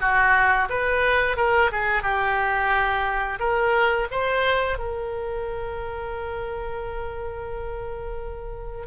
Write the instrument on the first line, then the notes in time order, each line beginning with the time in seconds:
oboe
0.00 F#4
0.69 B4
1.36 A#4
1.71 G#4
2.02 G4
3.39 A#4
4.11 C5
4.78 A#4